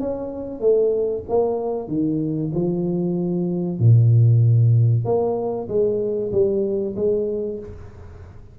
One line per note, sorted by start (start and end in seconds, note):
0.00 0.60 C#4
0.60 1.23 A3
1.29 1.88 A#3
1.88 2.51 D#3
2.54 3.80 F3
3.80 5.05 A#2
5.05 5.68 A#3
5.68 6.32 G#3
6.32 6.95 G3
6.96 7.59 G#3